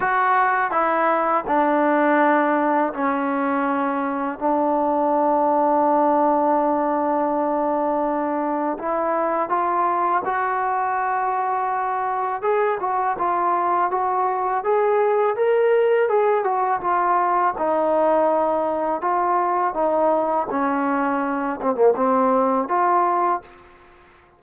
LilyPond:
\new Staff \with { instrumentName = "trombone" } { \time 4/4 \tempo 4 = 82 fis'4 e'4 d'2 | cis'2 d'2~ | d'1 | e'4 f'4 fis'2~ |
fis'4 gis'8 fis'8 f'4 fis'4 | gis'4 ais'4 gis'8 fis'8 f'4 | dis'2 f'4 dis'4 | cis'4. c'16 ais16 c'4 f'4 | }